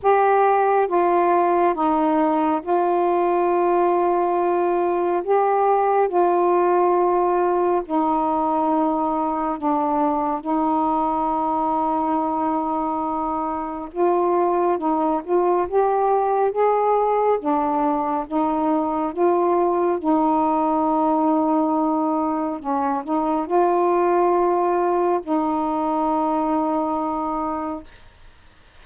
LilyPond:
\new Staff \with { instrumentName = "saxophone" } { \time 4/4 \tempo 4 = 69 g'4 f'4 dis'4 f'4~ | f'2 g'4 f'4~ | f'4 dis'2 d'4 | dis'1 |
f'4 dis'8 f'8 g'4 gis'4 | d'4 dis'4 f'4 dis'4~ | dis'2 cis'8 dis'8 f'4~ | f'4 dis'2. | }